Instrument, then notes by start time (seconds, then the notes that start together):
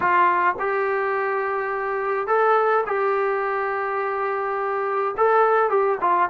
trombone
0.00 F4
0.59 G4
2.27 A4
2.86 G4
5.17 A4
5.69 G4
6.01 F4